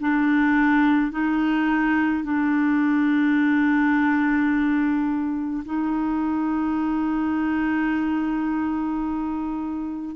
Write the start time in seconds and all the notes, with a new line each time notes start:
0.00 D4
1.11 D#4
2.23 D4
5.64 D#4